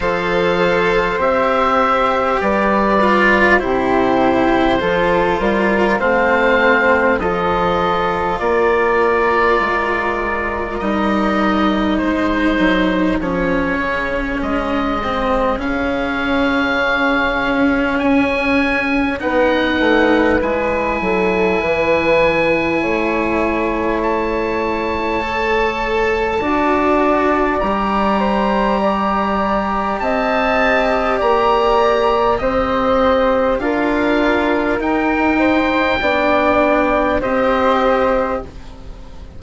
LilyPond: <<
  \new Staff \with { instrumentName = "oboe" } { \time 4/4 \tempo 4 = 50 f''4 e''4 d''4 c''4~ | c''4 f''4 dis''4 d''4~ | d''4 dis''4 c''4 cis''4 | dis''4 f''2 gis''4 |
fis''4 gis''2. | a''2. ais''4~ | ais''4 a''4 ais''4 dis''4 | f''4 g''2 dis''4 | }
  \new Staff \with { instrumentName = "flute" } { \time 4/4 c''2 b'4 g'4 | a'8 ais'8 c''4 a'4 ais'4~ | ais'2 gis'2~ | gis'1 |
b'4. a'8 b'4 cis''4~ | cis''2 d''4. c''8 | d''4 dis''4 d''4 c''4 | ais'4. c''8 d''4 c''4 | }
  \new Staff \with { instrumentName = "cello" } { \time 4/4 a'4 g'4. f'8 e'4 | f'4 c'4 f'2~ | f'4 dis'2 cis'4~ | cis'8 c'8 cis'2. |
dis'4 e'2.~ | e'4 a'4 fis'4 g'4~ | g'1 | f'4 dis'4 d'4 g'4 | }
  \new Staff \with { instrumentName = "bassoon" } { \time 4/4 f4 c'4 g4 c4 | f8 g8 a4 f4 ais4 | gis4 g4 gis8 fis8 f8 cis8 | gis4 cis2 cis'4 |
b8 a8 gis8 fis8 e4 a4~ | a2 d'4 g4~ | g4 c'4 ais4 c'4 | d'4 dis'4 b4 c'4 | }
>>